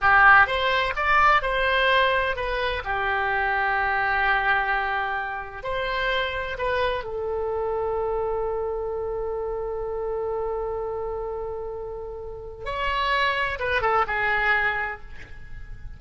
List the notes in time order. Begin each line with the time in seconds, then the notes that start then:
0.01 G4
0.46 C5
0.95 D5
1.42 C5
2.35 B4
2.84 G4
5.63 C5
6.58 B4
7.04 A4
12.65 C#5
13.59 B4
13.81 A4
14.07 G#4